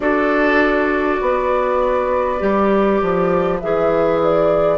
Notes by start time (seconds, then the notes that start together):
0.00 D4 F#4 A4 D5
1.21 B3 B4
2.39 G3 G4
3.02 F3
3.60 E3 G#4 E5
4.23 D5